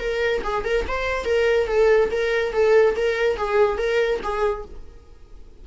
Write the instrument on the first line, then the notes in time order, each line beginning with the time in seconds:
viola
0.00 A#4
0.44 G#4
0.64 A#4
0.88 C5
1.25 A#4
1.67 A4
2.11 A#4
2.53 A4
2.96 A#4
3.37 G#4
3.78 A#4
4.23 G#4